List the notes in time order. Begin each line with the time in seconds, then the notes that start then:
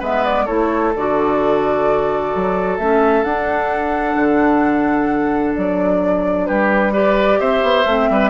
0.00 G#3 B3 B4 E5
0.25 D5
0.45 A3 E4 A4 C#5
0.95 D3 F#4 D5
2.35 F#3
2.78 A3 C#4 E5
3.24 D4 F#5
4.16 D3
5.55 F#3 D5
6.46 G3 G4 B4
6.93 G4 B4 D5
7.40 C4 C5 E5
7.63 B3
7.86 A3 C4
8.10 G3 B4